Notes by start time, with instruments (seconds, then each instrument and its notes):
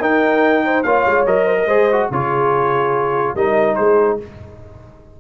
0.00 tuba D#4, trombone D#4, horn A#4, trumpet G5
0.65 horn C5
0.83 tuba A#3, trombone F4, horn C#5, trumpet F5
1.06 tuba G#3
1.26 tuba F#3, trombone A#4, trumpet D#5
1.46 horn C5
1.59 horn A#4
1.66 tuba G#3, trombone G#4, horn C5
1.92 trombone F#4
2.11 tuba C#3, trombone F4, horn G#4, trumpet C#5
3.35 tuba G3, trombone D#4, horn A#4, trumpet D#5
3.75 tuba G#3, horn G#4, trumpet C5